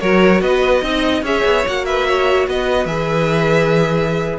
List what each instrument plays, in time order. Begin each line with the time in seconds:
0.00 cello F#3, viola F#4, violin A#4 C#5
0.41 cello B3, violin B4 D#5
0.82 cello C4, viola D#4, violin D#5
1.22 cello C#4, viola G#4, violin C#5 E5
1.44 cello B3
1.66 cello A#3, viola F#4, violin F#5
1.85 violin B4 E5
2.07 violin C#5
2.47 cello B3, violin B4 D#5
2.85 cello E3, viola G#4, violin E5